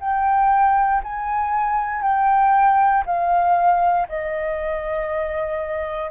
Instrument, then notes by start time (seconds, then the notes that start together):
flute
0.00 G5
1.03 G#5
2.02 G5
3.06 F5
4.08 D#5